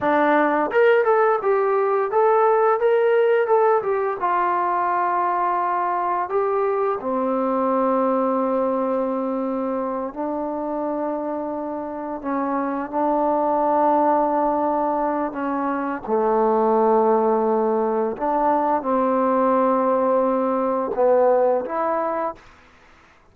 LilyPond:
\new Staff \with { instrumentName = "trombone" } { \time 4/4 \tempo 4 = 86 d'4 ais'8 a'8 g'4 a'4 | ais'4 a'8 g'8 f'2~ | f'4 g'4 c'2~ | c'2~ c'8 d'4.~ |
d'4. cis'4 d'4.~ | d'2 cis'4 a4~ | a2 d'4 c'4~ | c'2 b4 e'4 | }